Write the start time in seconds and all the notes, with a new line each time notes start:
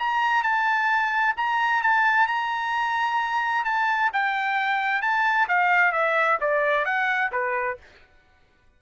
0.00 A#5
0.44 A5
1.37 A#5
1.83 A5
2.28 A#5
3.65 A5
4.13 G5
5.02 A5
5.49 F5
5.93 E5
6.41 D5
6.86 F#5
7.32 B4